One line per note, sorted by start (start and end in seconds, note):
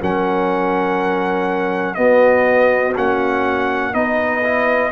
0.00 1.97 F#3
0.00 1.96 C#4
0.00 1.97 A#4
0.00 1.94 F#5
1.94 2.94 B3
1.94 2.95 B3
1.94 3.95 F#4
1.94 2.93 D#5
2.96 3.94 A#3
2.96 3.93 C#4
2.96 3.94 F#5
3.93 4.92 B3
3.93 4.42 D#4
3.93 4.92 B4
3.93 4.92 D#5
4.44 4.92 E4